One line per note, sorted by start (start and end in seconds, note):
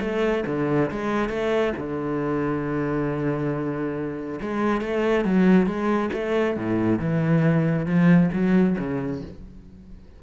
0.00 0.44 A3
0.46 0.90 D3
0.91 1.29 G#3
1.29 1.73 A3
1.77 4.39 D3
4.41 4.81 G#3
4.81 5.25 A3
5.25 5.66 F#3
5.66 6.10 G#3
6.13 6.57 A3
6.57 6.99 A2
6.99 7.86 E3
7.86 8.30 F3
8.33 8.77 F#3
8.78 9.22 C#3